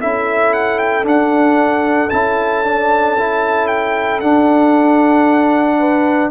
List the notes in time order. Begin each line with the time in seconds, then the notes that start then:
0.00 C#4 E4 A4 E5
0.53 F#5
0.79 G5
1.04 D4 F#5
2.10 C#4 E4 A5
2.65 D4
3.19 E4
3.68 G5
4.21 D4 F#5
5.79 B4